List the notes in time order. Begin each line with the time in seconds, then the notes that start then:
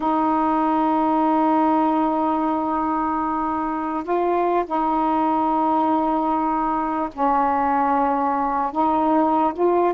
0.00 D#4
4.03 F4
4.65 D#4
7.12 C#4
8.72 D#4
9.53 F4